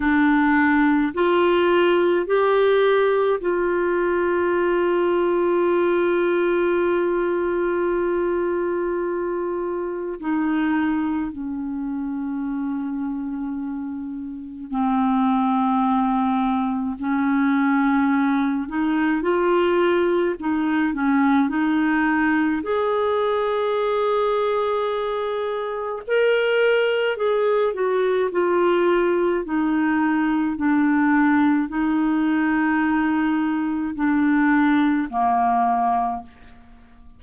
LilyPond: \new Staff \with { instrumentName = "clarinet" } { \time 4/4 \tempo 4 = 53 d'4 f'4 g'4 f'4~ | f'1~ | f'4 dis'4 cis'2~ | cis'4 c'2 cis'4~ |
cis'8 dis'8 f'4 dis'8 cis'8 dis'4 | gis'2. ais'4 | gis'8 fis'8 f'4 dis'4 d'4 | dis'2 d'4 ais4 | }